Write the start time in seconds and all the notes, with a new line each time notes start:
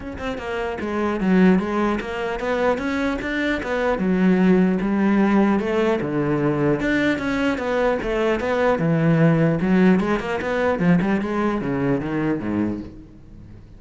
0.00 C#4
0.18 C4
0.38 A#3
0.80 G#3
1.20 F#3
1.59 G#3
2.00 A#3
2.39 B3
2.77 C#4
3.21 D4
3.62 B3
3.98 F#3
4.81 G3
5.59 A3
6.01 D3
6.80 D4
7.18 C#4
7.58 B3
8.02 A3
8.40 B3
8.79 E3
9.61 F#3
10.00 G#3
10.19 A#3
10.41 B3
10.79 F3
11.01 G3
11.21 G#3
11.61 C#3
12.00 D#3
12.40 G#2